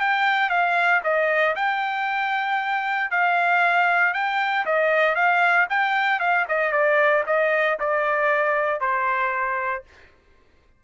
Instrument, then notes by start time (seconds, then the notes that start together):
trumpet
0.00 G5
0.49 F5
1.03 D#5
1.55 G5
3.11 F5
4.13 G5
4.65 D#5
5.15 F5
5.69 G5
6.19 F5
6.48 D#5
6.72 D5
7.26 D#5
7.79 D5
8.80 C5